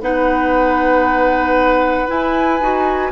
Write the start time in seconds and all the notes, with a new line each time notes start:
0.00 B3 D#4 B4 F#5
2.07 E4 G#5
2.60 D#4 F#4